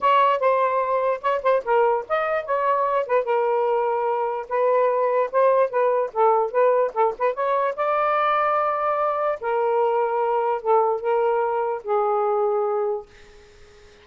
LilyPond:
\new Staff \with { instrumentName = "saxophone" } { \time 4/4 \tempo 4 = 147 cis''4 c''2 cis''8 c''8 | ais'4 dis''4 cis''4. b'8 | ais'2. b'4~ | b'4 c''4 b'4 a'4 |
b'4 a'8 b'8 cis''4 d''4~ | d''2. ais'4~ | ais'2 a'4 ais'4~ | ais'4 gis'2. | }